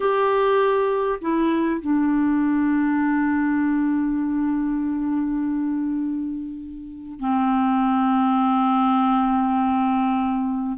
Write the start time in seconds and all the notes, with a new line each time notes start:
0.00 G4
1.21 E4
1.81 D4
7.19 C4